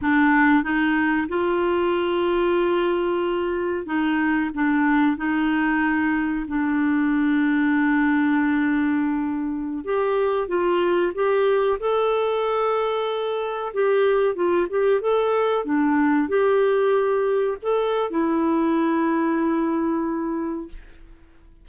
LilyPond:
\new Staff \with { instrumentName = "clarinet" } { \time 4/4 \tempo 4 = 93 d'4 dis'4 f'2~ | f'2 dis'4 d'4 | dis'2 d'2~ | d'2.~ d'16 g'8.~ |
g'16 f'4 g'4 a'4.~ a'16~ | a'4~ a'16 g'4 f'8 g'8 a'8.~ | a'16 d'4 g'2 a'8. | e'1 | }